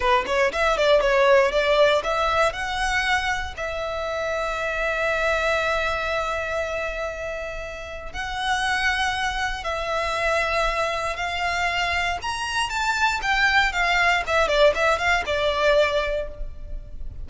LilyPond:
\new Staff \with { instrumentName = "violin" } { \time 4/4 \tempo 4 = 118 b'8 cis''8 e''8 d''8 cis''4 d''4 | e''4 fis''2 e''4~ | e''1~ | e''1 |
fis''2. e''4~ | e''2 f''2 | ais''4 a''4 g''4 f''4 | e''8 d''8 e''8 f''8 d''2 | }